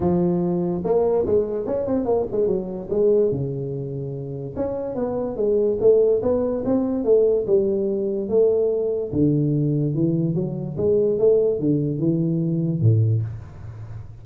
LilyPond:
\new Staff \with { instrumentName = "tuba" } { \time 4/4 \tempo 4 = 145 f2 ais4 gis4 | cis'8 c'8 ais8 gis8 fis4 gis4 | cis2. cis'4 | b4 gis4 a4 b4 |
c'4 a4 g2 | a2 d2 | e4 fis4 gis4 a4 | d4 e2 a,4 | }